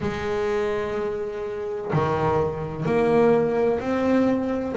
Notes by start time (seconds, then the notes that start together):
0.00 G#3
1.92 D#3
2.85 A#3
3.80 C4